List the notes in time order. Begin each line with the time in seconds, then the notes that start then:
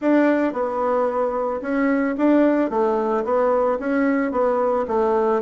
0.01 D4
0.53 B3
1.61 C#4
2.17 D4
2.70 A3
3.24 B3
3.79 C#4
4.31 B3
4.87 A3